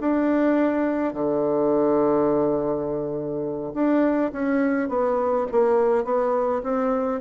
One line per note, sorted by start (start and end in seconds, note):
0.00 1.14 D4
1.14 3.73 D3
3.74 4.31 D4
4.32 4.89 C#4
4.89 5.46 B3
5.51 6.04 A#3
6.04 6.62 B3
6.63 7.20 C4